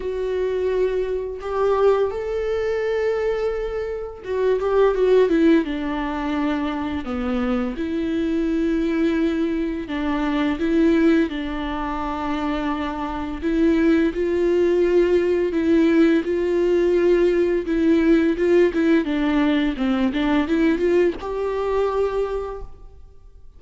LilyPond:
\new Staff \with { instrumentName = "viola" } { \time 4/4 \tempo 4 = 85 fis'2 g'4 a'4~ | a'2 fis'8 g'8 fis'8 e'8 | d'2 b4 e'4~ | e'2 d'4 e'4 |
d'2. e'4 | f'2 e'4 f'4~ | f'4 e'4 f'8 e'8 d'4 | c'8 d'8 e'8 f'8 g'2 | }